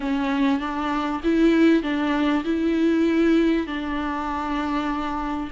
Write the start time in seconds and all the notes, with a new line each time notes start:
0.00 C#4
0.60 D4
1.23 E4
1.83 D4
2.44 E4
3.67 D4